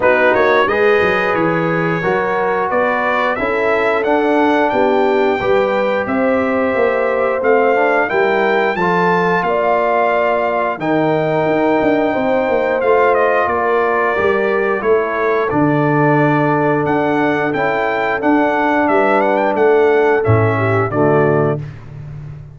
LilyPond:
<<
  \new Staff \with { instrumentName = "trumpet" } { \time 4/4 \tempo 4 = 89 b'8 cis''8 dis''4 cis''2 | d''4 e''4 fis''4 g''4~ | g''4 e''2 f''4 | g''4 a''4 f''2 |
g''2. f''8 dis''8 | d''2 cis''4 d''4~ | d''4 fis''4 g''4 fis''4 | e''8 fis''16 g''16 fis''4 e''4 d''4 | }
  \new Staff \with { instrumentName = "horn" } { \time 4/4 fis'4 b'2 ais'4 | b'4 a'2 g'4 | b'4 c''2. | ais'4 a'4 d''2 |
ais'2 c''2 | ais'2 a'2~ | a'1 | b'4 a'4. g'8 fis'4 | }
  \new Staff \with { instrumentName = "trombone" } { \time 4/4 dis'4 gis'2 fis'4~ | fis'4 e'4 d'2 | g'2. c'8 d'8 | e'4 f'2. |
dis'2. f'4~ | f'4 g'4 e'4 d'4~ | d'2 e'4 d'4~ | d'2 cis'4 a4 | }
  \new Staff \with { instrumentName = "tuba" } { \time 4/4 b8 ais8 gis8 fis8 e4 fis4 | b4 cis'4 d'4 b4 | g4 c'4 ais4 a4 | g4 f4 ais2 |
dis4 dis'8 d'8 c'8 ais8 a4 | ais4 g4 a4 d4~ | d4 d'4 cis'4 d'4 | g4 a4 a,4 d4 | }
>>